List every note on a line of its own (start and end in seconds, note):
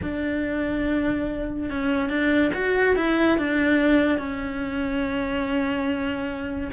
0.02 1.69 D4
1.69 2.09 C#4
2.09 2.51 D4
2.53 2.95 F#4
2.96 3.38 E4
3.38 4.18 D4
4.18 6.70 C#4